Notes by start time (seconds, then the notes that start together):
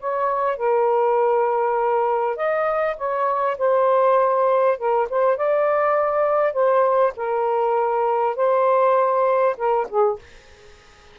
0.00 C#5
0.57 A#4
2.37 D#5
2.97 C#5
3.58 C5
4.78 A#4
5.10 C5
5.37 D5
6.53 C5
7.17 A#4
8.36 C5
9.58 A#4
9.90 G#4